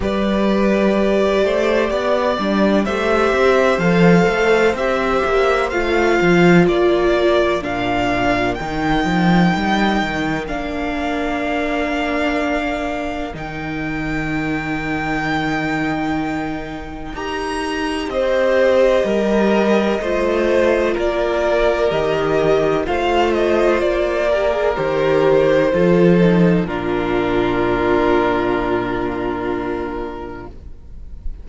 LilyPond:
<<
  \new Staff \with { instrumentName = "violin" } { \time 4/4 \tempo 4 = 63 d''2. e''4 | f''4 e''4 f''4 d''4 | f''4 g''2 f''4~ | f''2 g''2~ |
g''2 ais''4 dis''4~ | dis''2 d''4 dis''4 | f''8 dis''8 d''4 c''2 | ais'1 | }
  \new Staff \with { instrumentName = "violin" } { \time 4/4 b'4. c''8 d''4 c''4~ | c''2. ais'4~ | ais'1~ | ais'1~ |
ais'2. c''4 | ais'4 c''4 ais'2 | c''4. ais'4. a'4 | f'1 | }
  \new Staff \with { instrumentName = "viola" } { \time 4/4 g'2~ g'8 d'8 g'4 | a'4 g'4 f'2 | d'4 dis'2 d'4~ | d'2 dis'2~ |
dis'2 g'2~ | g'4 f'2 g'4 | f'4. g'16 gis'16 g'4 f'8 dis'8 | d'1 | }
  \new Staff \with { instrumentName = "cello" } { \time 4/4 g4. a8 b8 g8 a8 c'8 | f8 a8 c'8 ais8 a8 f8 ais4 | ais,4 dis8 f8 g8 dis8 ais4~ | ais2 dis2~ |
dis2 dis'4 c'4 | g4 a4 ais4 dis4 | a4 ais4 dis4 f4 | ais,1 | }
>>